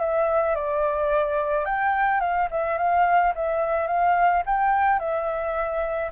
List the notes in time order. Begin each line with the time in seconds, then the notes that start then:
0.00 E5
0.55 D5
1.65 G5
2.20 F5
2.51 E5
2.78 F5
3.35 E5
3.87 F5
4.46 G5
4.99 E5